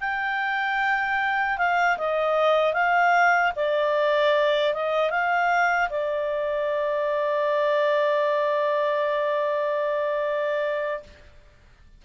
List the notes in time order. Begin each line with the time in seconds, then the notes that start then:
0.00 G5
1.58 F5
1.98 D#5
2.73 F5
3.56 D5
4.74 D#5
5.10 F5
5.90 D5